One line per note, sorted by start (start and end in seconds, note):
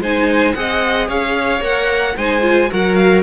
0.00 0.54 G#3
0.00 0.55 D#4
0.00 0.55 C5
0.00 0.54 G#5
0.54 1.09 C4
0.54 1.61 G#4
0.54 1.08 D#5
0.54 1.07 F#5
1.08 1.61 C#4
1.08 2.15 C#5
1.08 1.63 F5
1.61 2.15 A#3
1.61 2.15 A#4
1.61 2.17 F#5
2.17 2.71 G#3
2.17 2.41 D#4
2.17 2.70 C5
2.17 2.71 G#5
2.41 2.68 F4
2.71 3.23 F#3
2.71 3.23 F#4
2.71 3.23 A#4
2.71 2.95 F#5
2.95 3.22 F5